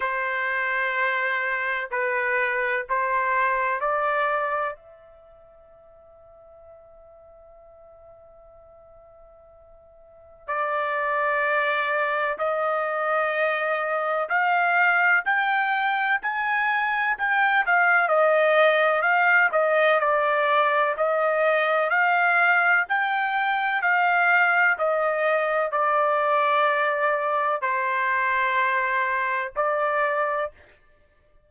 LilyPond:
\new Staff \with { instrumentName = "trumpet" } { \time 4/4 \tempo 4 = 63 c''2 b'4 c''4 | d''4 e''2.~ | e''2. d''4~ | d''4 dis''2 f''4 |
g''4 gis''4 g''8 f''8 dis''4 | f''8 dis''8 d''4 dis''4 f''4 | g''4 f''4 dis''4 d''4~ | d''4 c''2 d''4 | }